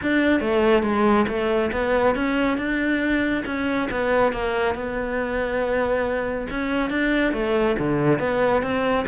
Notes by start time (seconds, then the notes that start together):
0.02 D4
0.40 A3
0.82 G#3
1.28 A3
1.71 B3
2.15 C#4
2.57 D4
3.45 C#4
3.90 B3
4.32 A#3
4.74 B3
6.50 C#4
6.89 D4
7.32 A3
7.78 D3
8.19 B3
8.62 C4